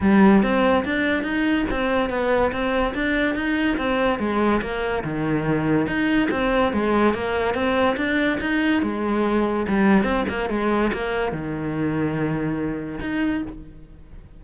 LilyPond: \new Staff \with { instrumentName = "cello" } { \time 4/4 \tempo 4 = 143 g4 c'4 d'4 dis'4 | c'4 b4 c'4 d'4 | dis'4 c'4 gis4 ais4 | dis2 dis'4 c'4 |
gis4 ais4 c'4 d'4 | dis'4 gis2 g4 | c'8 ais8 gis4 ais4 dis4~ | dis2. dis'4 | }